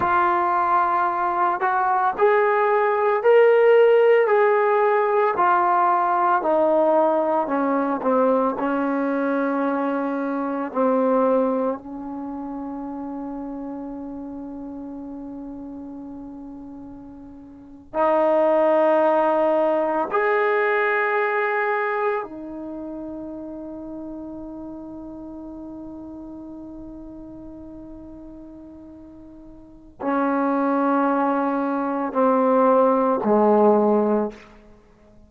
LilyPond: \new Staff \with { instrumentName = "trombone" } { \time 4/4 \tempo 4 = 56 f'4. fis'8 gis'4 ais'4 | gis'4 f'4 dis'4 cis'8 c'8 | cis'2 c'4 cis'4~ | cis'1~ |
cis'8. dis'2 gis'4~ gis'16~ | gis'8. dis'2.~ dis'16~ | dis'1 | cis'2 c'4 gis4 | }